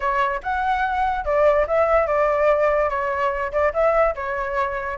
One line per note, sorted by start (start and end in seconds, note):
0.00 0.40 C#5
0.42 1.24 F#5
1.24 1.66 D5
1.67 2.07 E5
2.07 2.89 D5
2.89 3.51 C#5
3.52 3.72 D5
3.73 4.14 E5
4.15 4.97 C#5